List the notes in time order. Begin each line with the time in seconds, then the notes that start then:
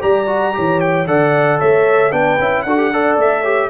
0.00 G3 G4 D5 A#5
0.27 F#4
0.53 E3 G4 C#5
0.80 G5
1.06 D3 A4 D5 F#5
1.59 A3 C#5 E5
2.12 B3 D4 B4 G5
2.39 C#4 E4
2.63 D4 F#4 A4 F#5
2.78 G4
2.92 A4 D5
3.17 A3 E5
3.41 G4 C#5